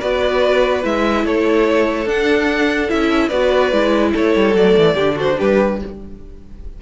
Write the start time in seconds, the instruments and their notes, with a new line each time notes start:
0.00 cello B3, viola F#4, violin B4 D5
0.82 cello G#3, viola E4, violin E5
1.24 cello A3, violin A4 C#5
2.06 cello D4, viola D4, violin F#5
2.88 cello C#4, viola E4, violin E5
3.28 cello B3, viola F#4, violin B4 D5
3.72 cello G#3, viola E4
4.13 cello A3, violin A4 C#5
4.36 cello G3
4.54 cello F#3, viola A3, violin D5
4.77 cello E3
4.94 cello D3, viola D4, violin G4
5.16 violin F#4 C5
5.38 cello G3, violin G4 B4